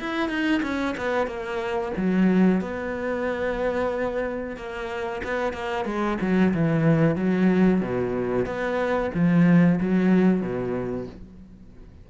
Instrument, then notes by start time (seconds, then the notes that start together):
cello
0.00 E4
0.29 D#4
0.63 C#4
0.97 B3
1.27 A#3
1.97 F#3
2.61 B3
4.57 A#3
5.24 B3
5.53 A#3
5.85 G#3
6.21 F#3
6.54 E3
7.16 F#3
7.81 B2
8.46 B3
9.14 F3
9.81 F#3
10.42 B2